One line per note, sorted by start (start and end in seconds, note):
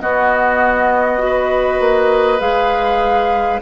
0.00 1.18 B3
0.00 1.79 B3
0.00 1.22 F#4
0.00 2.39 D#5
1.18 2.38 F#4
1.25 3.61 B4
1.79 2.40 A#3
2.39 3.60 G#3
2.39 3.58 G#4
2.39 3.59 F5